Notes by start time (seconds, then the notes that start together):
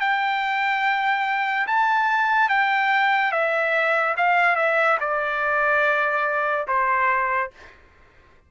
0.00 G5
1.67 A5
2.49 G5
3.31 E5
4.17 F5
4.56 E5
5.00 D5
6.67 C5